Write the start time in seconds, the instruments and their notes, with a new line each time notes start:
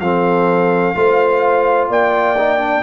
0.00 tuba F3, trombone C4, horn A4, trumpet F5
0.95 tuba A3, trombone F4, horn C5
1.88 tuba A#3, horn D5, trumpet G5
2.38 trombone D#4
2.59 trombone D4